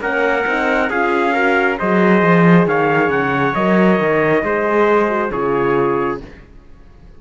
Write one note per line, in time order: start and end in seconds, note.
0.00 0.44 A#3
0.00 0.45 C#4
0.00 0.89 A#4
0.00 0.90 F#5
0.46 0.90 C4
0.46 0.91 D#4
0.89 1.78 C#4
0.89 1.33 F4
0.89 1.33 G#4
0.89 1.78 F5
1.33 1.77 F#4
1.33 1.77 A#4
1.78 2.22 F#3
1.78 3.55 G#4
1.78 2.67 C5
1.78 2.67 D#5
2.22 2.65 F3
2.65 3.09 D#3
2.65 4.44 C#5
2.65 3.10 F5
3.09 3.53 C#3
3.09 3.54 F#5
3.54 4.00 F#3
3.54 4.44 A#4
3.54 5.30 D#5
4.00 4.43 D#3
4.43 5.31 G#3
4.43 5.09 G#4
4.43 5.32 C5
5.09 5.31 F#4
5.30 6.21 C#3
5.30 6.21 F4
5.30 6.20 G#4
5.30 6.18 C#5